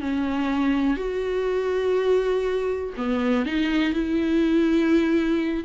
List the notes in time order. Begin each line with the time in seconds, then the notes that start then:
0.00 C#4
0.97 F#4
2.96 B3
3.46 D#4
3.93 E4